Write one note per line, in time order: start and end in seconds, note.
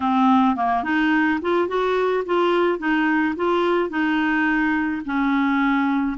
0.00 0.56 C4
0.56 0.83 A#3
0.83 1.39 D#4
1.41 1.68 F4
1.68 2.24 F#4
2.25 2.78 F4
2.78 3.34 D#4
3.36 3.89 F4
3.89 5.02 D#4
5.05 6.17 C#4